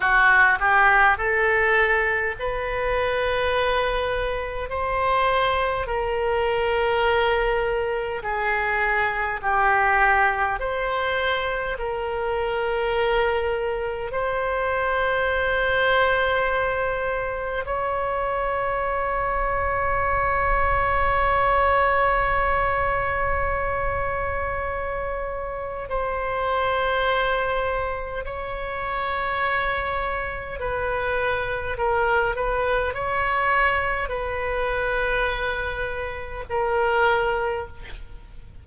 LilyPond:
\new Staff \with { instrumentName = "oboe" } { \time 4/4 \tempo 4 = 51 fis'8 g'8 a'4 b'2 | c''4 ais'2 gis'4 | g'4 c''4 ais'2 | c''2. cis''4~ |
cis''1~ | cis''2 c''2 | cis''2 b'4 ais'8 b'8 | cis''4 b'2 ais'4 | }